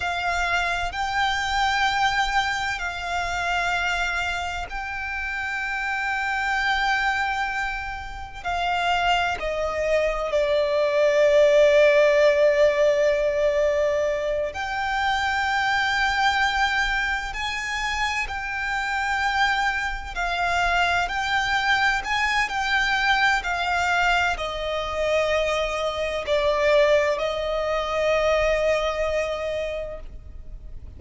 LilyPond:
\new Staff \with { instrumentName = "violin" } { \time 4/4 \tempo 4 = 64 f''4 g''2 f''4~ | f''4 g''2.~ | g''4 f''4 dis''4 d''4~ | d''2.~ d''8 g''8~ |
g''2~ g''8 gis''4 g''8~ | g''4. f''4 g''4 gis''8 | g''4 f''4 dis''2 | d''4 dis''2. | }